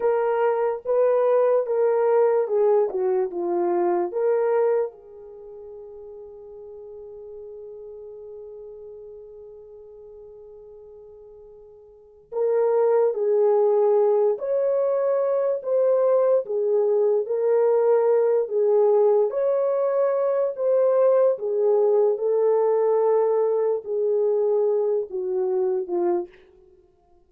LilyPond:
\new Staff \with { instrumentName = "horn" } { \time 4/4 \tempo 4 = 73 ais'4 b'4 ais'4 gis'8 fis'8 | f'4 ais'4 gis'2~ | gis'1~ | gis'2. ais'4 |
gis'4. cis''4. c''4 | gis'4 ais'4. gis'4 cis''8~ | cis''4 c''4 gis'4 a'4~ | a'4 gis'4. fis'4 f'8 | }